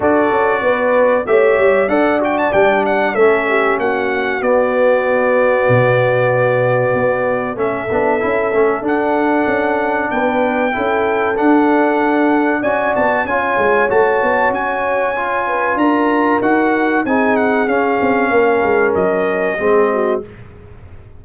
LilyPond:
<<
  \new Staff \with { instrumentName = "trumpet" } { \time 4/4 \tempo 4 = 95 d''2 e''4 fis''8 g''16 a''16 | g''8 fis''8 e''4 fis''4 d''4~ | d''1 | e''2 fis''2 |
g''2 fis''2 | gis''8 a''8 gis''4 a''4 gis''4~ | gis''4 ais''4 fis''4 gis''8 fis''8 | f''2 dis''2 | }
  \new Staff \with { instrumentName = "horn" } { \time 4/4 a'4 b'4 cis''4 d''4~ | d''4 a'8 g'8 fis'2~ | fis'1 | a'1 |
b'4 a'2. | d''4 cis''2.~ | cis''8 b'8 ais'2 gis'4~ | gis'4 ais'2 gis'8 fis'8 | }
  \new Staff \with { instrumentName = "trombone" } { \time 4/4 fis'2 g'4 a'8 fis'8 | d'4 cis'2 b4~ | b1 | cis'8 d'8 e'8 cis'8 d'2~ |
d'4 e'4 d'2 | fis'4 f'4 fis'2 | f'2 fis'4 dis'4 | cis'2. c'4 | }
  \new Staff \with { instrumentName = "tuba" } { \time 4/4 d'8 cis'8 b4 a8 g8 d'4 | g4 a4 ais4 b4~ | b4 b,2 b4 | a8 b8 cis'8 a8 d'4 cis'4 |
b4 cis'4 d'2 | cis'8 b8 cis'8 gis8 a8 b8 cis'4~ | cis'4 d'4 dis'4 c'4 | cis'8 c'8 ais8 gis8 fis4 gis4 | }
>>